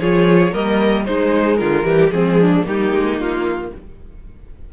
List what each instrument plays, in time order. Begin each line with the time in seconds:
0.00 cello F3, viola F4, violin G#4 C#5
0.52 cello G3, viola A#3, violin A#4 D#5
1.05 viola G#3, cello G#3, violin D#4 C5
1.57 cello D3, violin F4 A#4
1.83 cello E3, viola G3, violin G4
2.10 cello F3, viola G#3, violin C4 G#4
2.40 violin D4
2.63 cello G3, viola A#3, violin D#4 G4
2.93 cello G#3
3.17 cello A#3, violin F4